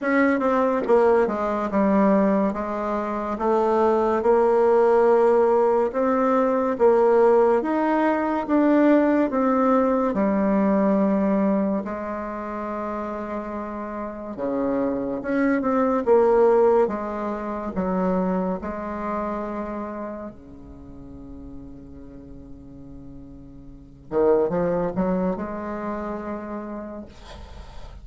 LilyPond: \new Staff \with { instrumentName = "bassoon" } { \time 4/4 \tempo 4 = 71 cis'8 c'8 ais8 gis8 g4 gis4 | a4 ais2 c'4 | ais4 dis'4 d'4 c'4 | g2 gis2~ |
gis4 cis4 cis'8 c'8 ais4 | gis4 fis4 gis2 | cis1~ | cis8 dis8 f8 fis8 gis2 | }